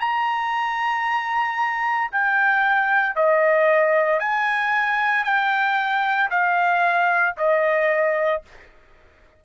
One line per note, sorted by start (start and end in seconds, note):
0.00 2.11 A#5
2.11 3.15 G5
3.15 4.20 D#5
4.20 5.24 G#5
5.24 6.29 G5
6.30 7.35 F5
7.37 8.42 D#5